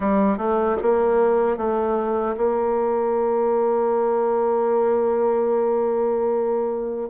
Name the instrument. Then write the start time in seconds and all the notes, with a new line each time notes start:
bassoon
0.00 G3
0.37 A3
0.82 A#3
1.57 A3
2.36 A#3